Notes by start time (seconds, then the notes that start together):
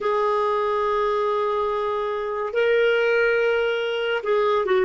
0.00 G#4
2.53 A#4
4.23 G#4
4.65 F#4